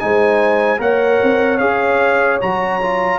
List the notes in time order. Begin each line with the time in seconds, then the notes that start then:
0.00 G#3 D#4 C5 G#5
0.78 A#3 A#4 C#5 F#5
1.23 C4
1.58 C#4 G#4 F5
2.41 F#3 F#4 A#5
2.82 F4